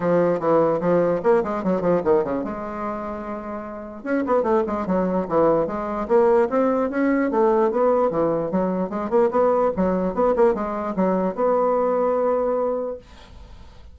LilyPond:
\new Staff \with { instrumentName = "bassoon" } { \time 4/4 \tempo 4 = 148 f4 e4 f4 ais8 gis8 | fis8 f8 dis8 cis8 gis2~ | gis2 cis'8 b8 a8 gis8 | fis4 e4 gis4 ais4 |
c'4 cis'4 a4 b4 | e4 fis4 gis8 ais8 b4 | fis4 b8 ais8 gis4 fis4 | b1 | }